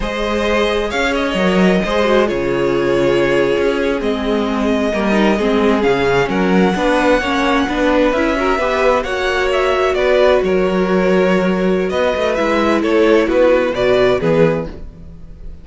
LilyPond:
<<
  \new Staff \with { instrumentName = "violin" } { \time 4/4 \tempo 4 = 131 dis''2 f''8 dis''4.~ | dis''4 cis''2.~ | cis''8. dis''2.~ dis''16~ | dis''8. f''4 fis''2~ fis''16~ |
fis''4.~ fis''16 e''2 fis''16~ | fis''8. e''4 d''4 cis''4~ cis''16~ | cis''2 dis''4 e''4 | cis''4 b'4 d''4 b'4 | }
  \new Staff \with { instrumentName = "violin" } { \time 4/4 c''2 cis''2 | c''4 gis'2.~ | gis'2~ gis'8. ais'4 gis'16~ | gis'4.~ gis'16 ais'4 b'4 cis''16~ |
cis''8. b'4. ais'8 b'4 cis''16~ | cis''4.~ cis''16 b'4 ais'4~ ais'16~ | ais'2 b'2 | a'4 fis'4 b'4 gis'4 | }
  \new Staff \with { instrumentName = "viola" } { \time 4/4 gis'2. ais'4 | gis'8 fis'8 f'2.~ | f'8. c'2 ais8 dis'8 c'16~ | c'8. cis'2 d'4 cis'16~ |
cis'8. d'4 e'8 fis'8 g'4 fis'16~ | fis'1~ | fis'2. e'4~ | e'2 fis'4 b4 | }
  \new Staff \with { instrumentName = "cello" } { \time 4/4 gis2 cis'4 fis4 | gis4 cis2~ cis8. cis'16~ | cis'8. gis2 g4 gis16~ | gis8. cis4 fis4 b4 ais16~ |
ais8. b4 cis'4 b4 ais16~ | ais4.~ ais16 b4 fis4~ fis16~ | fis2 b8 a8 gis4 | a4 b4 b,4 e4 | }
>>